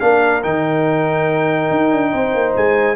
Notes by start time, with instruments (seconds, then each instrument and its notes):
0.00 tuba A#3, trombone D4, horn A#4, trumpet F5
0.43 tuba D#3, trombone D#4, trumpet G5
1.71 tuba D#4
1.92 tuba D4
2.12 tuba C4, horn C5
2.34 tuba A#3
2.56 tuba G#3, trumpet G#5